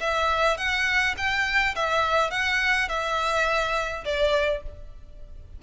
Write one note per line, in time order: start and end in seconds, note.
0.00 0.57 E5
0.57 1.15 F#5
1.17 1.75 G5
1.75 2.31 E5
2.31 2.88 F#5
2.89 4.04 E5
4.05 4.63 D5